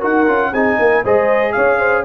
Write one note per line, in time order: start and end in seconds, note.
0.00 0.27 D#4
0.00 0.26 F#4
0.00 0.51 A#4
0.00 0.53 F#5
0.27 0.52 C#4
0.27 0.53 F4
0.52 0.78 C4
0.52 1.05 D#4
0.52 0.78 G#4
0.52 1.04 G#5
0.79 1.04 A#3
0.79 1.04 A#4
1.04 1.56 G#3
1.04 2.05 G#4
1.04 1.55 C5
1.04 1.52 D#5
1.52 2.05 C#4
1.52 1.79 C#5
1.52 2.03 F5
1.79 2.04 C5